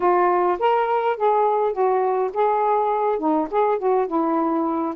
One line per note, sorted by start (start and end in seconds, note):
0.00 0.58 F4
0.59 1.17 A#4
1.17 1.72 G#4
1.72 2.30 F#4
2.33 3.19 G#4
3.19 3.48 D#4
3.50 3.78 G#4
3.78 4.07 F#4
4.07 4.94 E4